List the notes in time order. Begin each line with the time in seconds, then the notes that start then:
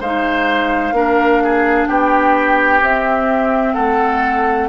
0.00 G#3 D#4 C5 F5
0.92 A#3 D4 A#4
1.44 G#4
1.87 B3 G4 G5
2.81 C4 E5
3.73 A3 A4 F#5